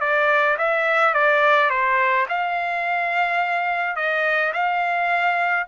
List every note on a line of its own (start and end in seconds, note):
0.00 0.57 D5
0.58 1.14 E5
1.14 1.70 D5
1.70 2.26 C5
2.29 3.96 F5
3.96 4.53 D#5
4.53 5.66 F5